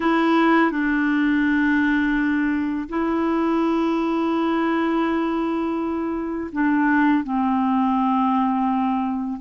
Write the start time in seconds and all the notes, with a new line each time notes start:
0.00 E4
0.71 D4
2.88 E4
6.52 D4
7.23 C4